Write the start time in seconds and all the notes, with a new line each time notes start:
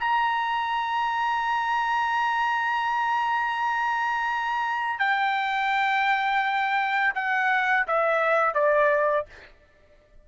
0.00 A#5
4.99 G5
7.15 F#5
7.87 E5
8.55 D5